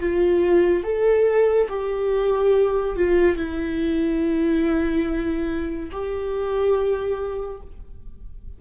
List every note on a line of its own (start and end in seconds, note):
0.00 0.84 F4
0.84 1.68 A4
1.69 2.96 G4
2.96 3.37 F4
3.37 5.90 E4
5.92 7.61 G4